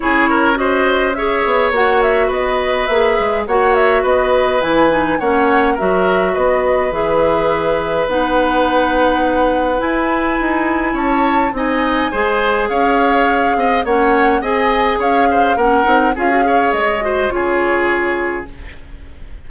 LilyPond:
<<
  \new Staff \with { instrumentName = "flute" } { \time 4/4 \tempo 4 = 104 cis''4 dis''4 e''4 fis''8 e''8 | dis''4 e''4 fis''8 e''8 dis''4 | gis''4 fis''4 e''4 dis''4 | e''2 fis''2~ |
fis''4 gis''2 a''4 | gis''2 f''2 | fis''4 gis''4 f''4 fis''4 | f''4 dis''4 cis''2 | }
  \new Staff \with { instrumentName = "oboe" } { \time 4/4 gis'8 ais'8 c''4 cis''2 | b'2 cis''4 b'4~ | b'4 cis''4 ais'4 b'4~ | b'1~ |
b'2. cis''4 | dis''4 c''4 cis''4. dis''8 | cis''4 dis''4 cis''8 c''8 ais'4 | gis'8 cis''4 c''8 gis'2 | }
  \new Staff \with { instrumentName = "clarinet" } { \time 4/4 e'4 fis'4 gis'4 fis'4~ | fis'4 gis'4 fis'2 | e'8 dis'8 cis'4 fis'2 | gis'2 dis'2~ |
dis'4 e'2. | dis'4 gis'2. | cis'4 gis'2 cis'8 dis'8 | f'16 fis'16 gis'4 fis'8 f'2 | }
  \new Staff \with { instrumentName = "bassoon" } { \time 4/4 cis'2~ cis'8 b8 ais4 | b4 ais8 gis8 ais4 b4 | e4 ais4 fis4 b4 | e2 b2~ |
b4 e'4 dis'4 cis'4 | c'4 gis4 cis'4. c'8 | ais4 c'4 cis'4 ais8 c'8 | cis'4 gis4 cis2 | }
>>